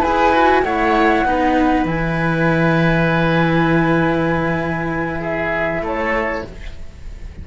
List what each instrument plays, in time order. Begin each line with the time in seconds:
0.00 cello E4 G#4, oboe B4, flute G#5
0.33 cello F#4
0.62 cello A3 E4, oboe C#5, flute F#5
1.24 cello B3 D#4, oboe B4
1.84 cello E3 E4, flute G#5
5.20 oboe G#4, flute E5
5.81 cello A3, oboe A4, flute C#5